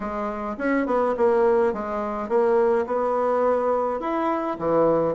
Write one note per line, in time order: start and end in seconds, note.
0.00 0.56 G#3
0.58 0.86 C#4
0.86 1.15 B3
1.17 1.73 A#3
1.73 2.28 G#3
2.28 2.85 A#3
2.86 4.00 B3
4.00 4.57 E4
4.58 5.14 E3